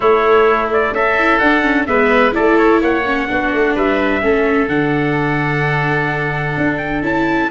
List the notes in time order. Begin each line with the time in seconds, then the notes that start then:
0.00 A3 E4 C#5
0.72 D5
0.92 C#4 A4 E5
1.19 E4
1.38 D4 F#5
1.62 C#4
1.86 G#3 B3 B4 E5
2.32 A3 E4 A4 D5
2.57 C#5
2.80 A#3 C#5 F#5
3.05 C#4
3.27 B3 D4 F#4
3.53 A3
3.74 G3 B4 E5
4.21 A3 C#4 A4
4.68 D3 D4 F#5
6.57 D4
6.77 G5
7.02 C#4 E4 A5